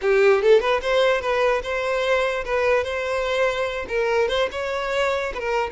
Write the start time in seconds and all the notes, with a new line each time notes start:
0.01 G4
0.42 A4
0.60 B4
0.81 C5
1.21 B4
1.62 C5
2.44 B4
2.83 C5
3.88 A#4
4.28 C5
4.51 C#5
5.34 A#4 B4